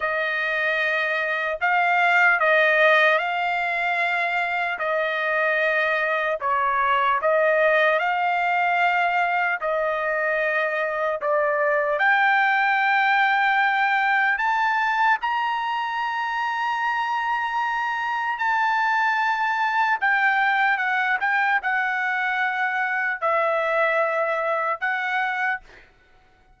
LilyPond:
\new Staff \with { instrumentName = "trumpet" } { \time 4/4 \tempo 4 = 75 dis''2 f''4 dis''4 | f''2 dis''2 | cis''4 dis''4 f''2 | dis''2 d''4 g''4~ |
g''2 a''4 ais''4~ | ais''2. a''4~ | a''4 g''4 fis''8 g''8 fis''4~ | fis''4 e''2 fis''4 | }